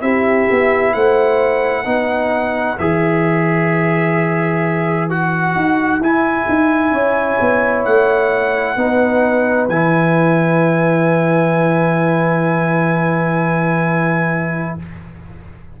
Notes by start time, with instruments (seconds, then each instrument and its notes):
0.00 tuba C4, trombone E4, horn G4, trumpet E5
0.50 tuba B3
0.93 tuba A3, horn C5, trumpet F#5
1.84 tuba B3, trombone D#4, horn B4
2.78 tuba E3, trombone G#4, trumpet E5
5.09 trombone F#4, trumpet F#5
5.55 tuba D#4
5.98 tuba E4, trombone E4, trumpet G#5
6.48 tuba D#4
6.91 tuba C#4, horn C#5
7.40 tuba B3
7.84 tuba A3, trumpet F#5
8.76 tuba B3, trombone D#4, horn B4
9.68 tuba E3, trombone E4, trumpet G#5